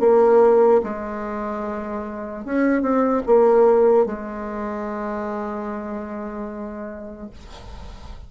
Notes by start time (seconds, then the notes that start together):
0.00 A#3
0.84 G#3
2.45 C#4
2.82 C4
3.26 A#3
4.06 G#3